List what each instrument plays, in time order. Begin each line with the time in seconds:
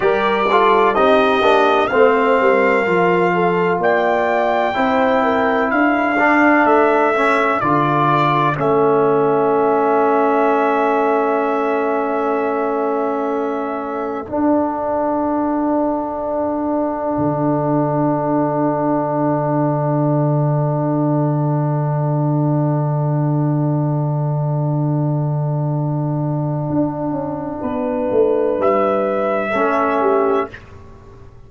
0.00 tuba G3, trombone G4, horn A#4, trumpet D5
0.50 trombone F4, horn A4
0.94 tuba C4, trombone D#4, horn G4, trumpet D#5
1.41 tuba A#3, trombone D4
1.87 tuba A3, trombone C4, horn C5, trumpet F5
2.40 tuba G3, horn A#4
2.86 tuba F3, trombone F4
3.34 horn A4
3.78 tuba A#3, horn D5, trumpet G5
4.73 tuba C4, trombone E4, horn C5
5.23 horn A#4
5.70 tuba D4, horn A4, trumpet F5
6.18 trombone D4
6.64 tuba A3, trumpet E5
7.14 trombone C#4
7.60 tuba D3, trombone F4, trumpet D5
8.54 tuba A3, trombone C#4, trumpet E5
14.27 trombone D4, tuba D4, trumpet F#5
17.17 tuba D3
26.69 tuba D4
27.10 tuba C#4
27.60 tuba B3, horn B4
28.11 tuba A3
28.59 tuba G3, trumpet E5
29.50 tuba A3, trombone C#4, horn A4
30.01 horn G4